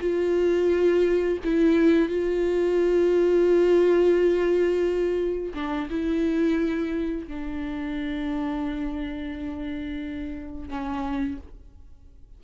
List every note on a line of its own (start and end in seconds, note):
0.00 1.38 F4
1.44 2.08 E4
2.08 5.53 F4
5.54 5.88 D4
5.90 7.27 E4
7.27 10.68 D4
10.68 11.37 C#4